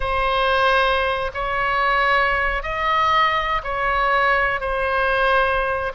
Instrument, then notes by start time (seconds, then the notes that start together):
oboe
0.00 C5
1.34 C#5
2.62 D#5
3.63 C#5
4.60 C5